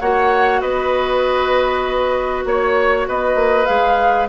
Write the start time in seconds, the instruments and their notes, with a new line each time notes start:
0.00 bassoon A#3, clarinet F#4, oboe C#5, flute F#5
0.61 bassoon B3, oboe B4, flute D#5
2.45 bassoon A#3, flute C#5, oboe C#5
3.08 bassoon B3, oboe B4, flute D#5
3.35 bassoon A#3
3.66 bassoon G#3, clarinet G#4, flute F5